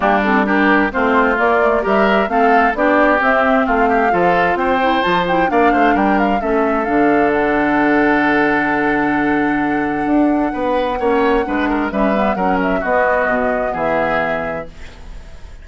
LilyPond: <<
  \new Staff \with { instrumentName = "flute" } { \time 4/4 \tempo 4 = 131 g'8 a'8 ais'4 c''4 d''4 | e''4 f''4 d''4 e''4 | f''2 g''4 a''8 g''8 | f''4 g''8 f''8 e''4 f''4 |
fis''1~ | fis''1~ | fis''2 e''4 fis''8 e''8 | dis''2 e''2 | }
  \new Staff \with { instrumentName = "oboe" } { \time 4/4 d'4 g'4 f'2 | ais'4 a'4 g'2 | f'8 g'8 a'4 c''2 | d''8 c''8 ais'4 a'2~ |
a'1~ | a'2. b'4 | cis''4 b'8 ais'8 b'4 ais'4 | fis'2 gis'2 | }
  \new Staff \with { instrumentName = "clarinet" } { \time 4/4 ais8 c'8 d'4 c'4 ais8 a8 | g'4 c'4 d'4 c'4~ | c'4 f'4. e'8 f'8 e'8 | d'2 cis'4 d'4~ |
d'1~ | d'1 | cis'4 d'4 cis'8 b8 cis'4 | b1 | }
  \new Staff \with { instrumentName = "bassoon" } { \time 4/4 g2 a4 ais4 | g4 a4 b4 c'4 | a4 f4 c'4 f4 | ais8 a8 g4 a4 d4~ |
d1~ | d2 d'4 b4 | ais4 gis4 g4 fis4 | b4 b,4 e2 | }
>>